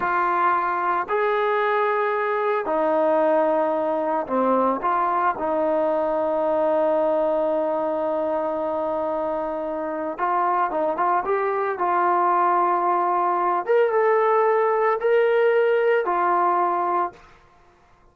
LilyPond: \new Staff \with { instrumentName = "trombone" } { \time 4/4 \tempo 4 = 112 f'2 gis'2~ | gis'4 dis'2. | c'4 f'4 dis'2~ | dis'1~ |
dis'2. f'4 | dis'8 f'8 g'4 f'2~ | f'4. ais'8 a'2 | ais'2 f'2 | }